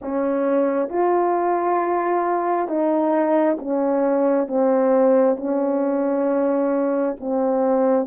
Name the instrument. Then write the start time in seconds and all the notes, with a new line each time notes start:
horn
0.01 C#4
0.89 F4
2.68 D#4
3.59 C#4
4.47 C4
5.36 C#4
7.19 C4